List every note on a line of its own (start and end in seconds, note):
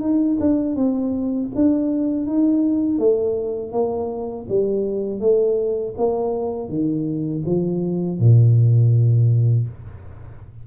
0.00 0.37 D#4
0.39 0.75 D4
0.75 1.49 C4
1.55 2.26 D4
2.26 2.98 D#4
2.98 3.72 A3
3.72 4.46 A#3
4.48 5.20 G3
5.20 5.94 A3
5.97 6.68 A#3
6.68 7.42 D#3
7.45 8.19 F3
8.19 9.67 A#2